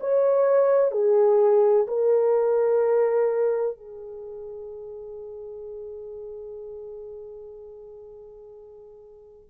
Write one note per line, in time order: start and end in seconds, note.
0.00 0.91 C#5
0.91 1.86 G#4
1.87 3.77 A#4
3.77 9.48 G#4